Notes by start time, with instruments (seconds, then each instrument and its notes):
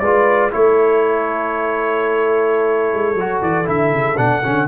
0.00 tuba G#3, trombone F4, horn B4, trumpet D5
0.51 tuba A3, trombone E4, horn A4, trumpet C#5
2.94 tuba G#3
3.15 tuba F#3, trombone F#4
3.42 tuba E3, trumpet D5
3.65 tuba D3, trombone E4, trumpet E5
3.93 tuba C#3
4.17 tuba B2, trombone D4, trumpet F#5
4.44 tuba D3, trombone C#4